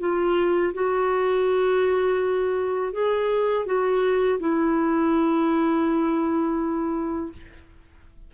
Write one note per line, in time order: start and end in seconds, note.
0.00 0.73 F4
0.74 2.93 F#4
2.93 3.66 G#4
3.66 4.39 F#4
4.40 7.32 E4